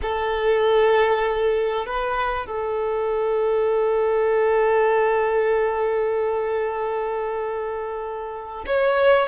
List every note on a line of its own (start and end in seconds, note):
0.02 1.86 A4
1.86 2.46 B4
2.46 8.65 A4
8.66 9.28 C#5